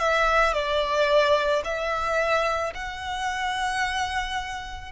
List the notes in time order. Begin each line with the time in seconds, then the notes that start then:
0.00 E5
0.54 D5
1.65 E5
2.75 F#5